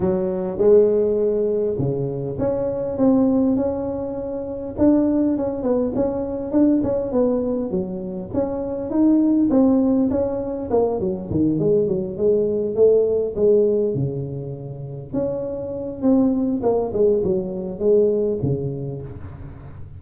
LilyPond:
\new Staff \with { instrumentName = "tuba" } { \time 4/4 \tempo 4 = 101 fis4 gis2 cis4 | cis'4 c'4 cis'2 | d'4 cis'8 b8 cis'4 d'8 cis'8 | b4 fis4 cis'4 dis'4 |
c'4 cis'4 ais8 fis8 dis8 gis8 | fis8 gis4 a4 gis4 cis8~ | cis4. cis'4. c'4 | ais8 gis8 fis4 gis4 cis4 | }